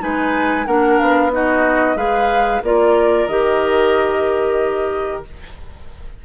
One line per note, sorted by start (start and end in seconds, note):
0.00 0.66 G#3
0.00 0.65 D#4
0.00 0.66 B4
0.00 0.66 G#5
0.66 0.99 A#3
0.66 1.32 D4
0.66 1.32 A#4
0.66 0.99 F#5
0.99 1.96 B3
0.99 1.31 F5
1.32 1.96 D#4
1.32 1.96 F#4
1.32 1.97 D#5
1.96 2.61 G#3
1.96 2.62 G#4
1.96 2.62 B4
1.96 2.62 F5
2.62 3.27 A#3
2.62 3.29 F4
2.62 5.25 A#4
2.62 3.27 D5
3.27 5.23 D#3
3.27 5.25 G4
3.27 5.23 D#5